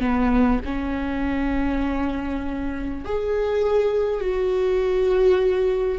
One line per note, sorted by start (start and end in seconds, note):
0.00 0.60 B3
0.65 3.05 C#4
3.05 4.21 G#4
4.21 5.99 F#4